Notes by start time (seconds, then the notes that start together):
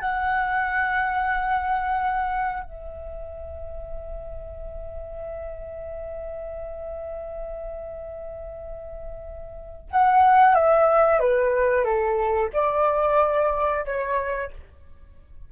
0.00 F#5
2.63 E5
9.91 F#5
10.55 E5
11.19 B4
11.84 A4
12.53 D5
13.85 C#5